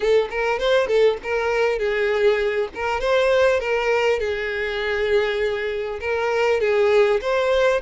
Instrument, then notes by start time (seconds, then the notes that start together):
violin
0.00 A4
0.30 A#4
0.59 C5
0.87 A4
1.23 A#4
1.78 G#4
2.74 A#4
3.00 C5
3.60 A#4
4.19 G#4
6.00 A#4
6.60 G#4
7.21 C5